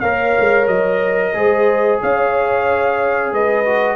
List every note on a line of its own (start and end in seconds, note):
0.00 0.35 A#3
0.00 1.34 A#4
0.00 1.33 C#5
0.00 0.66 F5
0.39 0.67 G#3
0.67 1.33 F#3
0.67 1.99 D#5
1.34 2.00 G#3
1.34 3.64 G#4
1.34 2.02 C5
2.02 3.31 C#4
2.02 3.33 C#5
2.02 3.33 F5
3.31 3.96 G#3
3.31 3.96 B4
3.31 3.96 D#5
3.65 3.96 F#4